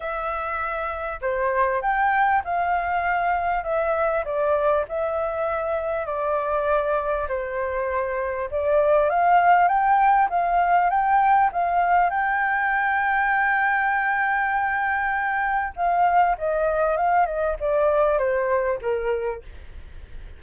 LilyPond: \new Staff \with { instrumentName = "flute" } { \time 4/4 \tempo 4 = 99 e''2 c''4 g''4 | f''2 e''4 d''4 | e''2 d''2 | c''2 d''4 f''4 |
g''4 f''4 g''4 f''4 | g''1~ | g''2 f''4 dis''4 | f''8 dis''8 d''4 c''4 ais'4 | }